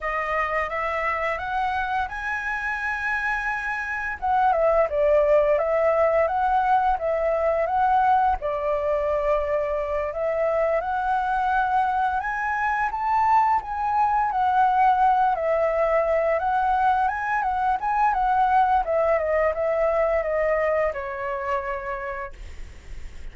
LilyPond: \new Staff \with { instrumentName = "flute" } { \time 4/4 \tempo 4 = 86 dis''4 e''4 fis''4 gis''4~ | gis''2 fis''8 e''8 d''4 | e''4 fis''4 e''4 fis''4 | d''2~ d''8 e''4 fis''8~ |
fis''4. gis''4 a''4 gis''8~ | gis''8 fis''4. e''4. fis''8~ | fis''8 gis''8 fis''8 gis''8 fis''4 e''8 dis''8 | e''4 dis''4 cis''2 | }